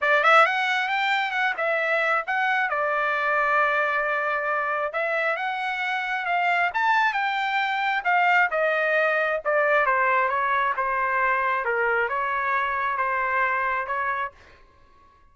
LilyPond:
\new Staff \with { instrumentName = "trumpet" } { \time 4/4 \tempo 4 = 134 d''8 e''8 fis''4 g''4 fis''8 e''8~ | e''4 fis''4 d''2~ | d''2. e''4 | fis''2 f''4 a''4 |
g''2 f''4 dis''4~ | dis''4 d''4 c''4 cis''4 | c''2 ais'4 cis''4~ | cis''4 c''2 cis''4 | }